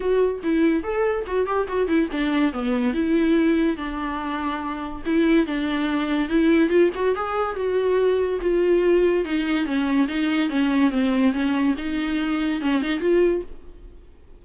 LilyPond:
\new Staff \with { instrumentName = "viola" } { \time 4/4 \tempo 4 = 143 fis'4 e'4 a'4 fis'8 g'8 | fis'8 e'8 d'4 b4 e'4~ | e'4 d'2. | e'4 d'2 e'4 |
f'8 fis'8 gis'4 fis'2 | f'2 dis'4 cis'4 | dis'4 cis'4 c'4 cis'4 | dis'2 cis'8 dis'8 f'4 | }